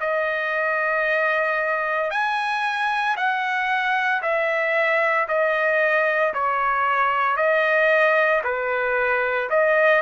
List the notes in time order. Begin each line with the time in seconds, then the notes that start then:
0.00 D#5
2.10 G#5
3.16 F#5
4.22 E5
5.28 D#5
6.33 C#5
7.36 D#5
8.44 B4
9.49 D#5